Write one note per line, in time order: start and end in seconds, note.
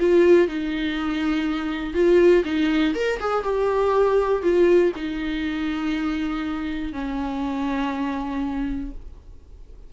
0.00 0.48 F4
0.48 1.94 D#4
1.94 2.43 F4
2.44 2.94 D#4
2.95 3.19 A#4
3.20 3.43 G#4
3.43 4.42 G4
4.42 4.92 F4
4.96 6.93 D#4
6.93 8.91 C#4